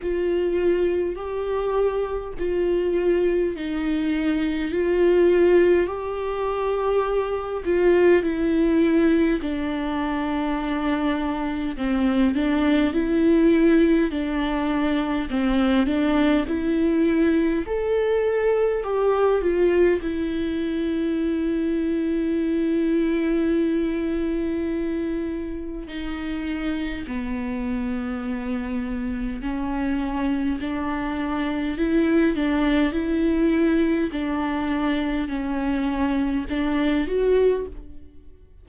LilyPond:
\new Staff \with { instrumentName = "viola" } { \time 4/4 \tempo 4 = 51 f'4 g'4 f'4 dis'4 | f'4 g'4. f'8 e'4 | d'2 c'8 d'8 e'4 | d'4 c'8 d'8 e'4 a'4 |
g'8 f'8 e'2.~ | e'2 dis'4 b4~ | b4 cis'4 d'4 e'8 d'8 | e'4 d'4 cis'4 d'8 fis'8 | }